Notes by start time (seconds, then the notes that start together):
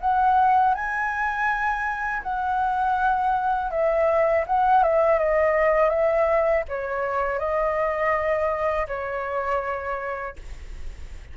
0.00 F#5
0.74 G#5
2.22 F#5
3.70 E5
4.46 F#5
4.83 E5
5.18 D#5
5.89 E5
6.68 C#5
7.38 D#5
8.87 C#5